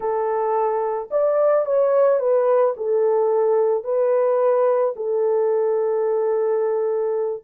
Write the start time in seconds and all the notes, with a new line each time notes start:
0.00 A4
1.10 D5
1.65 C#5
2.19 B4
2.76 A4
3.84 B4
4.96 A4